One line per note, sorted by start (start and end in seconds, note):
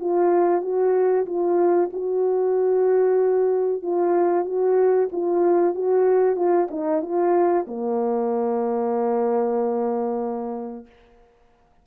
0.00 0.62 F4
0.62 1.26 F#4
1.26 1.90 F4
1.93 3.83 F#4
3.83 4.45 F4
4.45 5.09 F#4
5.12 5.75 F4
5.75 6.36 F#4
6.36 6.68 F4
6.71 7.02 D#4
7.02 7.66 F4
7.67 10.87 A#3